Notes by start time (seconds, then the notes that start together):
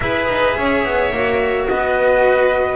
0.00 E4 G#4 B4 E5
0.28 D#4
0.56 C#4 C#5
0.84 B3
1.11 A#3 F#4
1.68 B3 B4 D#5